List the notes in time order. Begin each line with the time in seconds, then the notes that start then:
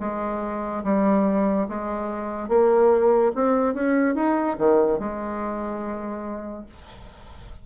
0.00 G#3
0.84 G3
1.69 G#3
2.49 A#3
3.35 C4
3.75 C#4
4.15 D#4
4.58 D#3
4.99 G#3